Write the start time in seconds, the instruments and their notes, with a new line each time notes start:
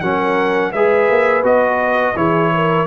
0.00 tuba F#3, trombone C#4, horn A#4, trumpet F#5
0.72 tuba G#3, trombone G#4, horn B4, trumpet E5
1.09 tuba A#3
1.43 tuba B3, trombone F#4, trumpet D#5
2.15 tuba E3, trombone E4, horn G#4, trumpet C#5
2.54 horn A#4